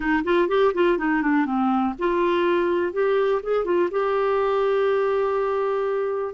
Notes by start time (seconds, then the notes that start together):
0.00 D#4
0.24 F4
0.48 G4
0.73 F4
0.98 D#4
1.22 D4
1.45 C4
1.98 F4
2.93 G4
3.43 G#4
3.64 F4
3.90 G4